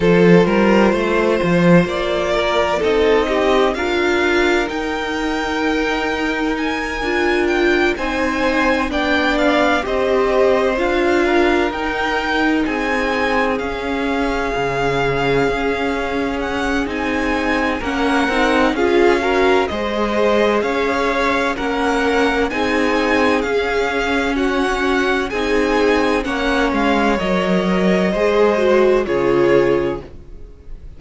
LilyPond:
<<
  \new Staff \with { instrumentName = "violin" } { \time 4/4 \tempo 4 = 64 c''2 d''4 dis''4 | f''4 g''2 gis''4 | g''8 gis''4 g''8 f''8 dis''4 f''8~ | f''8 g''4 gis''4 f''4.~ |
f''4. fis''8 gis''4 fis''4 | f''4 dis''4 f''4 fis''4 | gis''4 f''4 fis''4 gis''4 | fis''8 f''8 dis''2 cis''4 | }
  \new Staff \with { instrumentName = "violin" } { \time 4/4 a'8 ais'8 c''4. ais'8 a'8 g'8 | ais'1~ | ais'8 c''4 d''4 c''4. | ais'4. gis'2~ gis'8~ |
gis'2. ais'4 | gis'8 ais'8 c''4 cis''4 ais'4 | gis'2 fis'4 gis'4 | cis''2 c''4 gis'4 | }
  \new Staff \with { instrumentName = "viola" } { \time 4/4 f'2. dis'4 | f'4 dis'2~ dis'8 f'8~ | f'8 dis'4 d'4 g'4 f'8~ | f'8 dis'2 cis'4.~ |
cis'2 dis'4 cis'8 dis'8 | f'8 fis'8 gis'2 cis'4 | dis'4 cis'2 dis'4 | cis'4 ais'4 gis'8 fis'8 f'4 | }
  \new Staff \with { instrumentName = "cello" } { \time 4/4 f8 g8 a8 f8 ais4 c'4 | d'4 dis'2~ dis'8 d'8~ | d'8 c'4 b4 c'4 d'8~ | d'8 dis'4 c'4 cis'4 cis8~ |
cis8 cis'4. c'4 ais8 c'8 | cis'4 gis4 cis'4 ais4 | c'4 cis'2 c'4 | ais8 gis8 fis4 gis4 cis4 | }
>>